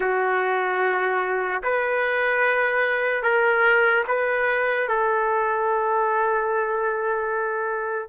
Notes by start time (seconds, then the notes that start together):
0.00 F#4
1.63 B4
3.22 A#4
4.07 B4
4.88 A4